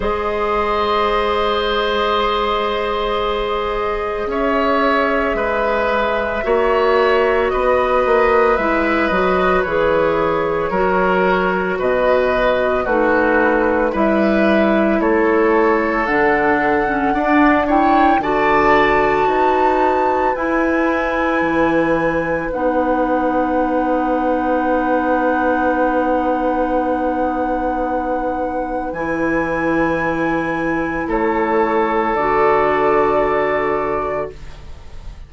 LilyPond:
<<
  \new Staff \with { instrumentName = "flute" } { \time 4/4 \tempo 4 = 56 dis''1 | e''2. dis''4 | e''8 dis''8 cis''2 dis''4 | b'4 e''4 cis''4 fis''4~ |
fis''8 g''8 a''2 gis''4~ | gis''4 fis''2.~ | fis''2. gis''4~ | gis''4 cis''4 d''2 | }
  \new Staff \with { instrumentName = "oboe" } { \time 4/4 c''1 | cis''4 b'4 cis''4 b'4~ | b'2 ais'4 b'4 | fis'4 b'4 a'2 |
d''8 cis''8 d''4 b'2~ | b'1~ | b'1~ | b'4 a'2. | }
  \new Staff \with { instrumentName = "clarinet" } { \time 4/4 gis'1~ | gis'2 fis'2 | e'8 fis'8 gis'4 fis'2 | dis'4 e'2 d'8. cis'16 |
d'8 e'8 fis'2 e'4~ | e'4 dis'2.~ | dis'2. e'4~ | e'2 fis'2 | }
  \new Staff \with { instrumentName = "bassoon" } { \time 4/4 gis1 | cis'4 gis4 ais4 b8 ais8 | gis8 fis8 e4 fis4 b,4 | a4 g4 a4 d4 |
d'4 d4 dis'4 e'4 | e4 b2.~ | b2. e4~ | e4 a4 d2 | }
>>